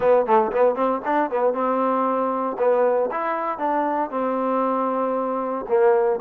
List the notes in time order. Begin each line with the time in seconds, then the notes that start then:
0.00 B3
0.25 A3
0.52 B3
0.75 C4
1.05 D4
1.30 B3
1.53 C4
2.58 B3
3.11 E4
3.58 D4
4.10 C4
5.68 A#3